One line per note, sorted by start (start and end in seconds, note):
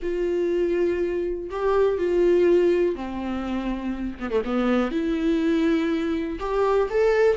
0.02 1.50 F4
1.50 1.98 G4
1.98 2.95 F4
2.95 4.18 C4
4.19 4.30 B3
4.30 4.42 A3
4.44 4.91 B3
4.91 6.38 E4
6.39 6.88 G4
6.89 7.36 A4